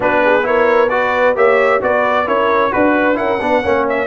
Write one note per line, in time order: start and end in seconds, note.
0.00 1.35 B3
0.00 0.41 D4
0.00 0.22 F#4
0.00 0.46 B4
0.25 0.47 G#4
0.43 0.88 E4
0.43 0.91 A#4
0.43 0.89 C#5
0.89 1.35 F#4
0.89 1.36 B4
0.89 1.34 D5
1.35 1.80 A#3
1.35 1.80 G4
1.35 1.82 C#5
1.35 1.82 E5
1.80 2.27 B3
1.80 2.25 F#4
1.80 2.26 B4
1.80 2.28 D5
2.25 2.72 C#4
2.25 2.70 E4
2.25 2.71 A#4
2.25 2.73 C#5
2.70 3.18 D4
2.70 3.14 F#4
2.70 3.17 B4
2.70 3.18 B4
3.14 3.41 C#4
3.14 3.37 E4
3.14 3.40 A#4
3.14 3.85 F#5
3.41 3.63 B3
3.41 3.63 D4
3.41 3.62 B4
3.62 4.06 A#3
3.62 4.06 C#4
3.62 4.06 C#5
3.89 4.06 E5